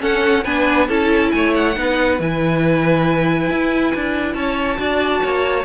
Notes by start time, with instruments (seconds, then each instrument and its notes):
0.00 viola C#4, cello C#4, violin A4 F#5
0.44 cello B3, viola D4, violin B4 G#5
0.88 cello C#4, viola E4, violin A4 A5
1.32 cello A3, violin C#5 G#5
1.56 violin F#5
1.76 cello B3, viola D#4, violin B4
2.20 cello E3, viola E4, violin G#5
3.50 cello E4
3.96 cello D4
4.34 cello C#4, violin C#5 A5
4.77 cello D4, viola F#4, violin D5
5.23 cello A#3, violin C#5